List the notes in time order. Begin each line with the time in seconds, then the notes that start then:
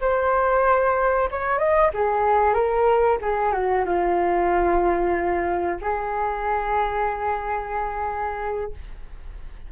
0.00 C5
1.30 C#5
1.58 D#5
1.93 G#4
2.53 A#4
3.21 G#4
3.52 F#4
3.85 F4
5.81 G#4